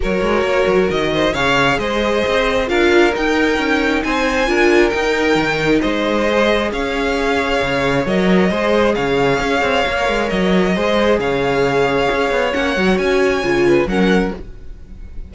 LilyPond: <<
  \new Staff \with { instrumentName = "violin" } { \time 4/4 \tempo 4 = 134 cis''2 dis''4 f''4 | dis''2 f''4 g''4~ | g''4 gis''2 g''4~ | g''4 dis''2 f''4~ |
f''2 dis''2 | f''2. dis''4~ | dis''4 f''2. | fis''4 gis''2 fis''4 | }
  \new Staff \with { instrumentName = "violin" } { \time 4/4 ais'2~ ais'8 c''8 cis''4 | c''2 ais'2~ | ais'4 c''4 ais'2~ | ais'4 c''2 cis''4~ |
cis''2. c''4 | cis''1 | c''4 cis''2.~ | cis''2~ cis''8 b'8 ais'4 | }
  \new Staff \with { instrumentName = "viola" } { \time 4/4 fis'2. gis'4~ | gis'2 f'4 dis'4~ | dis'2 f'4 dis'4~ | dis'2 gis'2~ |
gis'2 ais'4 gis'4~ | gis'2 ais'2 | gis'1 | cis'8 fis'4. f'4 cis'4 | }
  \new Staff \with { instrumentName = "cello" } { \time 4/4 fis8 gis8 ais8 fis8 dis4 cis4 | gis4 c'4 d'4 dis'4 | cis'4 c'4 d'4 dis'4 | dis4 gis2 cis'4~ |
cis'4 cis4 fis4 gis4 | cis4 cis'8 c'8 ais8 gis8 fis4 | gis4 cis2 cis'8 b8 | ais8 fis8 cis'4 cis4 fis4 | }
>>